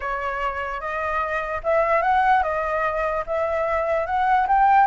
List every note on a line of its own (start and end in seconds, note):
0.00 0.80 C#5
0.80 1.61 D#5
1.63 2.02 E5
2.02 2.42 F#5
2.43 3.24 D#5
3.26 4.06 E5
4.06 4.46 F#5
4.47 4.86 G5